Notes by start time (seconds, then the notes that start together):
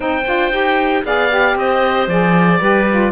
0.00 C4 D#4 C5 G5
0.26 D4 F4
0.51 D#4 G4
1.04 B3 G#4 D5 F5
1.29 G4
1.55 C4 C5 D#5
2.07 F3 G#4 D5
2.60 G3 G4 B4
2.89 F4